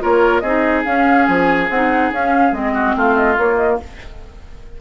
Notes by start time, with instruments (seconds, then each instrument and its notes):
0.00 bassoon A#3, clarinet F4, oboe A#4, flute C#5
0.40 bassoon C4, clarinet D#4, oboe G#4, flute D#5
0.85 clarinet C#4, bassoon C#4, flute F5
1.26 bassoon F3, flute G#5
1.69 bassoon C4, clarinet D#4, flute F#5
2.12 bassoon C#4, clarinet C#4, flute F5
2.51 bassoon G#3, clarinet C4, flute D#5
2.74 oboe F#4
2.96 bassoon A3, oboe F4, flute F5
3.16 flute D#5
3.37 bassoon A#3, clarinet A#3, flute C#5
3.57 flute D#5